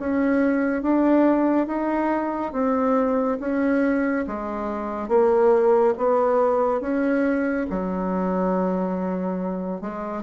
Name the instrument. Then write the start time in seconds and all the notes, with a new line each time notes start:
bassoon
0.00 C#4
0.83 D4
1.67 D#4
2.52 C4
3.40 C#4
4.27 G#3
5.08 A#3
5.98 B3
6.81 C#4
7.70 F#3
9.81 G#3